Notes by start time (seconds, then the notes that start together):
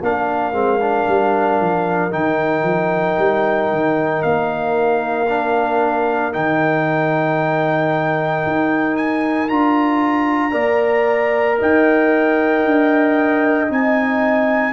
0.00 A#3 D4 A#4 F5
0.53 G#3 C4
0.81 D4
1.08 G3
1.60 F3
2.11 D#3 D#4 G5
2.63 F3
3.19 G3
3.71 D#3
4.23 A#3 F5
5.29 D4
6.33 D#3 D#4 G5
8.47 D#4
8.97 G#5
9.49 D4 F4 A#5
10.52 A#3 A#4 D5
11.59 D#4 D#5 G5
12.65 D4
13.68 C4 D#4 G#5